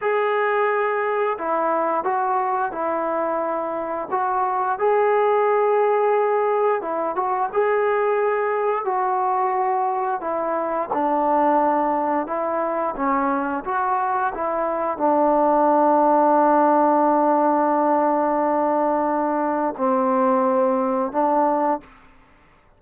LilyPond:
\new Staff \with { instrumentName = "trombone" } { \time 4/4 \tempo 4 = 88 gis'2 e'4 fis'4 | e'2 fis'4 gis'4~ | gis'2 e'8 fis'8 gis'4~ | gis'4 fis'2 e'4 |
d'2 e'4 cis'4 | fis'4 e'4 d'2~ | d'1~ | d'4 c'2 d'4 | }